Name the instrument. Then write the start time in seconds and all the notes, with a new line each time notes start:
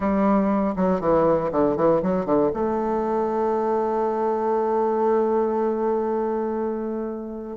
bassoon
0.00 G3
0.75 F#3
1.00 E3
1.51 D3
1.76 E3
2.02 F#3
2.25 D3
2.53 A3